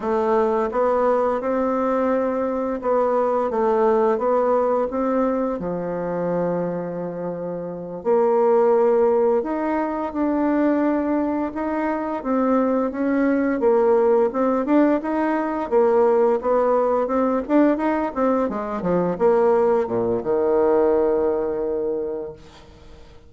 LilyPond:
\new Staff \with { instrumentName = "bassoon" } { \time 4/4 \tempo 4 = 86 a4 b4 c'2 | b4 a4 b4 c'4 | f2.~ f8 ais8~ | ais4. dis'4 d'4.~ |
d'8 dis'4 c'4 cis'4 ais8~ | ais8 c'8 d'8 dis'4 ais4 b8~ | b8 c'8 d'8 dis'8 c'8 gis8 f8 ais8~ | ais8 ais,8 dis2. | }